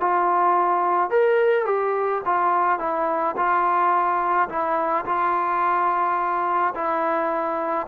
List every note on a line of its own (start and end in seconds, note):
0.00 1.10 F4
1.10 1.65 A#4
1.65 2.21 G4
2.25 2.79 F4
2.79 3.35 E4
3.36 4.49 F4
4.49 5.05 E4
5.05 6.74 F4
6.74 7.87 E4